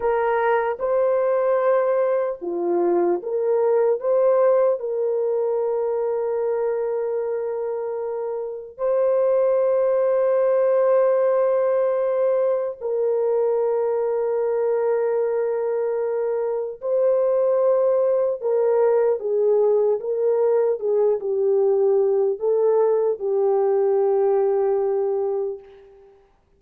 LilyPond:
\new Staff \with { instrumentName = "horn" } { \time 4/4 \tempo 4 = 75 ais'4 c''2 f'4 | ais'4 c''4 ais'2~ | ais'2. c''4~ | c''1 |
ais'1~ | ais'4 c''2 ais'4 | gis'4 ais'4 gis'8 g'4. | a'4 g'2. | }